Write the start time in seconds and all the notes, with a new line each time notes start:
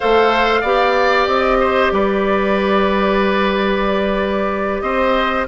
0.00 A3 A4 C5 F5
0.61 B3 G4 D5
1.27 C4 D#5
1.60 C5
1.91 G3 B4 D5
4.80 C4 C5 D#5